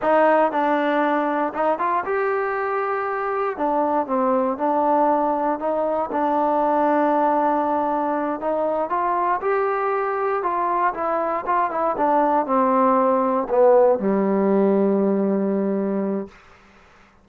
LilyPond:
\new Staff \with { instrumentName = "trombone" } { \time 4/4 \tempo 4 = 118 dis'4 d'2 dis'8 f'8 | g'2. d'4 | c'4 d'2 dis'4 | d'1~ |
d'8 dis'4 f'4 g'4.~ | g'8 f'4 e'4 f'8 e'8 d'8~ | d'8 c'2 b4 g8~ | g1 | }